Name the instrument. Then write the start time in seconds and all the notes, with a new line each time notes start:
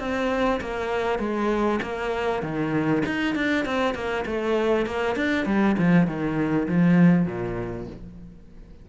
cello
0.00 C4
0.61 A#3
1.20 G#3
1.83 A#3
2.43 D#3
3.06 D#4
3.36 D4
3.66 C4
3.95 A#3
4.26 A3
4.87 A#3
5.16 D4
5.46 G3
5.79 F3
6.07 D#3
6.69 F3
7.27 A#2